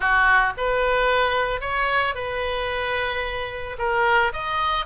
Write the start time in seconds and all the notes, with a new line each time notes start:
0.00 F#4
0.57 B4
1.60 C#5
2.14 B4
3.78 A#4
4.32 D#5